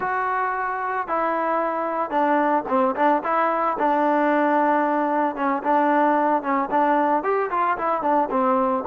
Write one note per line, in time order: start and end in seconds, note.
0.00 1.07 F#4
1.07 2.10 E4
2.10 2.63 D4
2.68 2.95 C4
2.95 3.22 D4
3.23 3.77 E4
3.78 5.35 D4
5.35 5.62 C#4
5.63 6.42 D4
6.42 6.69 C#4
6.70 7.23 D4
7.23 7.50 G4
7.50 7.77 F4
7.77 8.02 E4
8.02 8.28 D4
8.30 8.84 C4